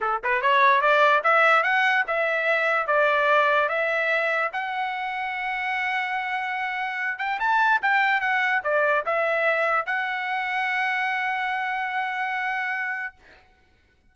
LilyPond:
\new Staff \with { instrumentName = "trumpet" } { \time 4/4 \tempo 4 = 146 a'8 b'8 cis''4 d''4 e''4 | fis''4 e''2 d''4~ | d''4 e''2 fis''4~ | fis''1~ |
fis''4. g''8 a''4 g''4 | fis''4 d''4 e''2 | fis''1~ | fis''1 | }